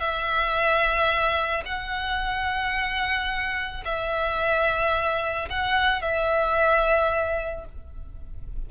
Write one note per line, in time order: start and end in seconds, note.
0.00 1.64 E5
1.66 3.84 F#5
3.85 5.49 E5
5.50 6.02 F#5
6.02 7.66 E5